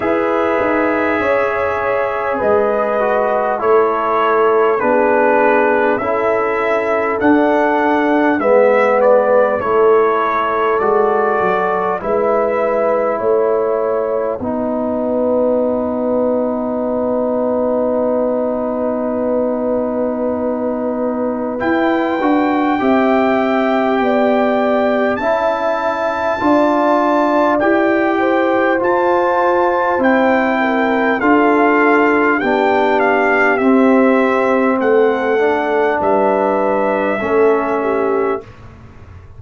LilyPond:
<<
  \new Staff \with { instrumentName = "trumpet" } { \time 4/4 \tempo 4 = 50 e''2 dis''4 cis''4 | b'4 e''4 fis''4 e''8 d''8 | cis''4 d''4 e''4 fis''4~ | fis''1~ |
fis''2 g''2~ | g''4 a''2 g''4 | a''4 g''4 f''4 g''8 f''8 | e''4 fis''4 e''2 | }
  \new Staff \with { instrumentName = "horn" } { \time 4/4 b'4 cis''4 b'4 a'4 | gis'4 a'2 b'4 | a'2 b'4 cis''4 | b'1~ |
b'2. e''4 | d''4 e''4 d''4. c''8~ | c''4. ais'8 a'4 g'4~ | g'4 a'4 b'4 a'8 g'8 | }
  \new Staff \with { instrumentName = "trombone" } { \time 4/4 gis'2~ gis'8 fis'8 e'4 | d'4 e'4 d'4 b4 | e'4 fis'4 e'2 | dis'1~ |
dis'2 e'8 fis'8 g'4~ | g'4 e'4 f'4 g'4 | f'4 e'4 f'4 d'4 | c'4. d'4. cis'4 | }
  \new Staff \with { instrumentName = "tuba" } { \time 4/4 e'8 dis'8 cis'4 gis4 a4 | b4 cis'4 d'4 gis4 | a4 gis8 fis8 gis4 a4 | b1~ |
b2 e'8 d'8 c'4 | b4 cis'4 d'4 e'4 | f'4 c'4 d'4 b4 | c'4 a4 g4 a4 | }
>>